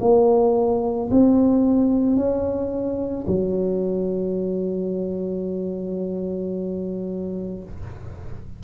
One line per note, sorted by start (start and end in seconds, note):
0.00 1.09 A#3
1.11 2.16 C4
2.16 3.25 C#4
3.27 7.63 F#3